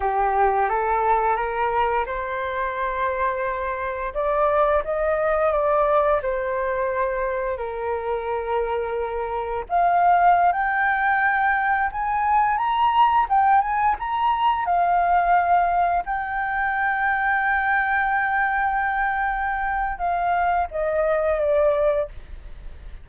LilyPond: \new Staff \with { instrumentName = "flute" } { \time 4/4 \tempo 4 = 87 g'4 a'4 ais'4 c''4~ | c''2 d''4 dis''4 | d''4 c''2 ais'4~ | ais'2 f''4~ f''16 g''8.~ |
g''4~ g''16 gis''4 ais''4 g''8 gis''16~ | gis''16 ais''4 f''2 g''8.~ | g''1~ | g''4 f''4 dis''4 d''4 | }